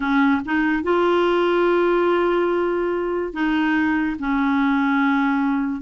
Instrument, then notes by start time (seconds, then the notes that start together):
clarinet
0.00 C#4
0.45 D#4
0.83 F4
3.33 D#4
4.19 C#4